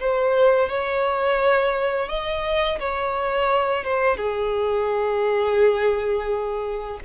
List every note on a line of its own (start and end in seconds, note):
0.00 0.69 C5
0.69 2.08 C#5
2.08 2.79 D#5
2.80 3.84 C#5
3.84 4.17 C5
4.17 6.99 G#4